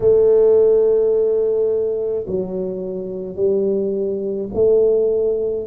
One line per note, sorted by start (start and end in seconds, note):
0.00 2.25 A3
2.27 3.35 F#3
3.35 4.48 G3
4.53 5.67 A3